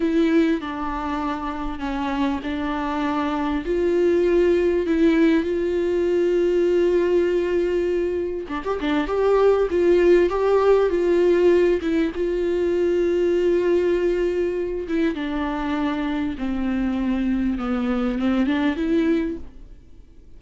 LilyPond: \new Staff \with { instrumentName = "viola" } { \time 4/4 \tempo 4 = 99 e'4 d'2 cis'4 | d'2 f'2 | e'4 f'2.~ | f'2 d'16 g'16 d'8 g'4 |
f'4 g'4 f'4. e'8 | f'1~ | f'8 e'8 d'2 c'4~ | c'4 b4 c'8 d'8 e'4 | }